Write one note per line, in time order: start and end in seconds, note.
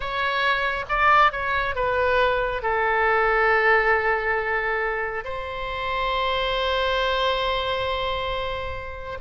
0.00 0.85 C#5
0.89 1.31 D5
1.31 1.75 C#5
1.75 2.62 B4
2.62 5.24 A4
5.24 9.18 C5